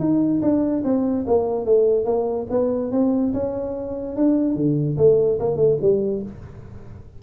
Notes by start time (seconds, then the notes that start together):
0.00 D#4
0.42 D4
0.85 C4
1.28 A#3
1.66 A3
2.06 A#3
2.51 B3
2.92 C4
3.34 C#4
4.17 D4
4.56 D3
4.98 A3
5.40 A#3
5.57 A3
5.82 G3